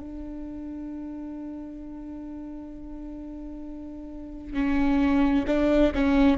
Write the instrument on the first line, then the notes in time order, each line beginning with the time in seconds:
viola
0.00 D4
4.53 C#4
5.46 D4
5.94 C#4